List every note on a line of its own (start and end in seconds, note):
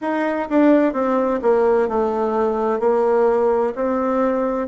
0.01 0.48 D#4
0.49 0.93 D4
0.93 1.40 C4
1.41 1.88 A#3
1.88 2.79 A3
2.79 3.73 A#3
3.75 4.67 C4